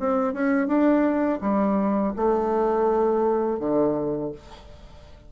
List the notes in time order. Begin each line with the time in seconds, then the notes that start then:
0.00 C4
0.34 C#4
0.67 D4
1.41 G3
2.16 A3
3.60 D3